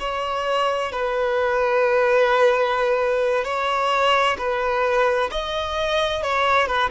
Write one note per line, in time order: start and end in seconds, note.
0.00 0.92 C#5
0.92 3.45 B4
3.45 4.37 C#5
4.38 5.30 B4
5.32 6.23 D#5
6.23 6.67 C#5
6.67 6.90 B4